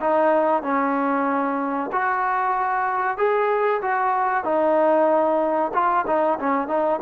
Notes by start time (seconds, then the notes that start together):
0.00 D#4
0.63 C#4
1.92 F#4
3.17 G#4
3.82 F#4
4.44 D#4
5.74 F4
6.07 D#4
6.39 C#4
6.68 D#4